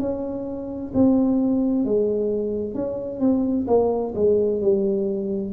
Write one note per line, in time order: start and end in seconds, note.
0.00 0.92 C#4
0.95 1.85 C4
1.85 2.75 G#3
2.75 3.21 C#4
3.21 3.67 C4
3.68 4.14 A#3
4.15 4.62 G#3
4.62 5.53 G3